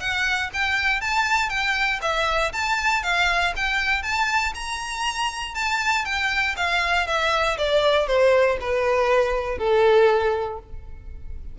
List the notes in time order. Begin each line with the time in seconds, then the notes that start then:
0.00 F#5
0.54 G5
1.01 A5
1.50 G5
2.02 E5
2.53 A5
3.03 F5
3.56 G5
4.03 A5
4.55 A#5
5.55 A5
6.05 G5
6.57 F5
7.07 E5
7.58 D5
8.07 C5
8.61 B4
9.58 A4